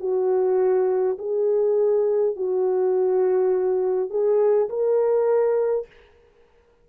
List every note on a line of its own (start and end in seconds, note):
0.00 1.18 F#4
1.18 2.36 G#4
2.36 4.10 F#4
4.10 4.68 G#4
4.69 5.87 A#4